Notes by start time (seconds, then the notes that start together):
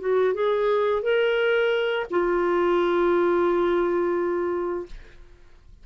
0.00 F#4
0.34 G#4
1.02 A#4
2.10 F4